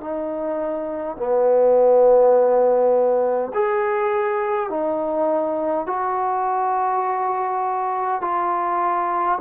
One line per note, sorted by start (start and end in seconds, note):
0.00 1.17 D#4
1.17 3.52 B3
3.54 4.70 G#4
4.70 5.86 D#4
5.86 8.21 F#4
8.21 9.39 F4